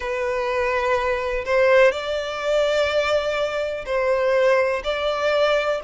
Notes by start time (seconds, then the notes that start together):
0.00 B4
1.45 C5
1.91 D5
3.85 C5
4.83 D5